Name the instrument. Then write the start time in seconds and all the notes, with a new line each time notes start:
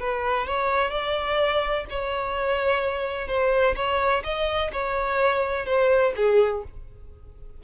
violin
0.00 B4
0.47 C#5
0.91 D5
1.90 C#5
3.28 C5
3.76 C#5
4.24 D#5
4.73 C#5
5.66 C5
6.16 G#4